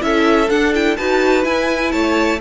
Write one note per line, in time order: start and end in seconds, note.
0.00 0.49 C#4
0.00 0.48 E4
0.00 0.97 A4
0.00 0.50 E5
0.49 0.73 D4
0.49 0.98 D4
0.49 0.73 F#5
0.74 0.98 E4
0.74 0.97 G5
0.97 1.45 D#4
0.97 1.43 F#4
0.97 1.92 B4
0.97 1.44 A5
1.43 2.39 E4
1.43 1.92 E4
1.43 1.92 G#5
1.92 2.41 A3
1.92 2.40 C#5
1.92 2.39 A5